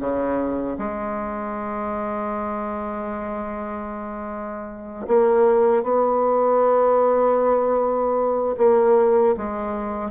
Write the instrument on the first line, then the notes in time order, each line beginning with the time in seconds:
bassoon
0.00 C#3
0.78 G#3
5.08 A#3
5.83 B3
8.58 A#3
9.37 G#3